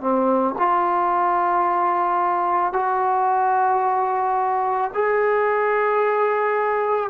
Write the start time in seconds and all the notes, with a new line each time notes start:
0.00 C4
0.58 F4
2.73 F#4
4.94 G#4